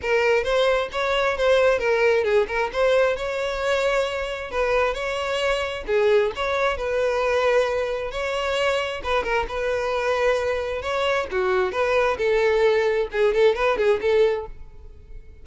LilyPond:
\new Staff \with { instrumentName = "violin" } { \time 4/4 \tempo 4 = 133 ais'4 c''4 cis''4 c''4 | ais'4 gis'8 ais'8 c''4 cis''4~ | cis''2 b'4 cis''4~ | cis''4 gis'4 cis''4 b'4~ |
b'2 cis''2 | b'8 ais'8 b'2. | cis''4 fis'4 b'4 a'4~ | a'4 gis'8 a'8 b'8 gis'8 a'4 | }